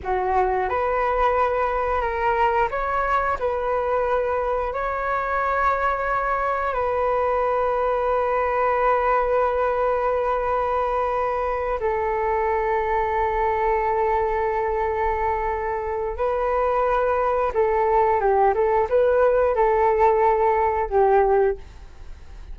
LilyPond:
\new Staff \with { instrumentName = "flute" } { \time 4/4 \tempo 4 = 89 fis'4 b'2 ais'4 | cis''4 b'2 cis''4~ | cis''2 b'2~ | b'1~ |
b'4. a'2~ a'8~ | a'1 | b'2 a'4 g'8 a'8 | b'4 a'2 g'4 | }